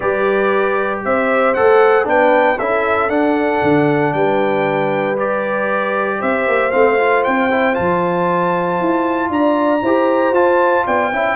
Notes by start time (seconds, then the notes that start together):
0.00 G3 G4 B4 D5
1.04 C4 C5 E5
1.54 A3 A4 F#5
2.04 B3 D4 B4 G5
2.58 C#4 E4 A4 E5
3.08 D4 F#5
3.62 D3
4.13 G3 B4 G5
5.16 G4 D5
6.18 C4 C5 E5
6.47 A#3
6.71 A3 C4 F5
6.98 F4
7.24 C4 G5
7.51 E4
7.73 F3 F4 A5
8.80 E4
9.29 D4 D5 A#5
9.82 E4 G4 C5
10.31 F4 A5
10.86 B3 D5 G5
11.12 C#4 E4 E5